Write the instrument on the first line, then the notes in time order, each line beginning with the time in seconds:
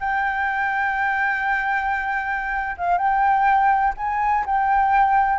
flute
0.00 G5
2.77 F5
2.98 G5
3.97 G#5
4.46 G5